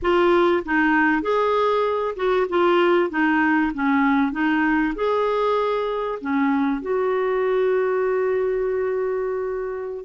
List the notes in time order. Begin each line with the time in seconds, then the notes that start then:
0.01 F4
0.65 D#4
1.21 G#4
2.15 F#4
2.49 F4
3.10 D#4
3.74 C#4
4.32 D#4
4.95 G#4
6.21 C#4
6.81 F#4